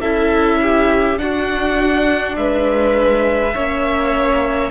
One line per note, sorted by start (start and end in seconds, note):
0.00 1.19 C#4
0.00 1.17 E4
0.00 0.59 A4
0.00 1.18 E5
0.62 1.21 G4
1.17 3.52 D4
1.17 2.37 D4
1.17 2.38 F#4
1.17 2.36 F#5
2.36 3.54 G#3
2.36 3.54 B4
2.36 4.71 E5
3.54 4.71 A#3
3.54 4.71 C#4
3.54 4.71 C#5